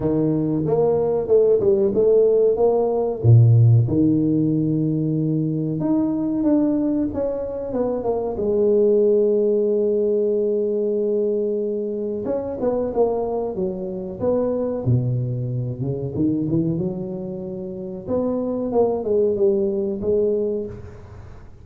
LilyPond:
\new Staff \with { instrumentName = "tuba" } { \time 4/4 \tempo 4 = 93 dis4 ais4 a8 g8 a4 | ais4 ais,4 dis2~ | dis4 dis'4 d'4 cis'4 | b8 ais8 gis2.~ |
gis2. cis'8 b8 | ais4 fis4 b4 b,4~ | b,8 cis8 dis8 e8 fis2 | b4 ais8 gis8 g4 gis4 | }